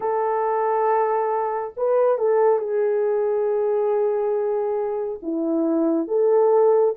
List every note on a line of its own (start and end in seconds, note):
0.00 1.74 A4
1.76 2.17 B4
2.17 2.58 A4
2.58 5.19 G#4
5.22 6.07 E4
6.07 6.94 A4